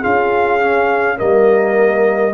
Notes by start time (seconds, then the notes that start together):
0.00 C#4 F4 G#4 F5
0.60 C#4
1.16 G3 A#3 A#4 D#5